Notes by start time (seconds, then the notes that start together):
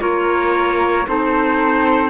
0.00 A#3 F4 A#4 C#5
1.06 C4 D#4 A4 C5